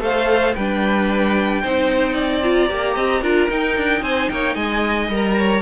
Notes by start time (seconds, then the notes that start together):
0.00 A3 A4 C5 F5
0.54 G3 D4 B4 G5
1.62 C4 D#4 C5
2.13 D5
2.42 F4 A#5
2.68 A#3 G4
2.95 C4 D#5
3.21 D4 F4 A#4
3.49 D#4 G5
3.77 D4
4.01 C4 C5 G#5
4.29 A#3 C#5 G5
4.54 G#3 D#5 G#5
5.08 G3 A#4
5.15 A#5
5.38 C#5